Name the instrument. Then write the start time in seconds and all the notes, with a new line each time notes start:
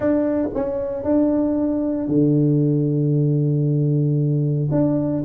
tuba
0.00 D4
0.54 C#4
1.03 D4
2.08 D3
4.71 D4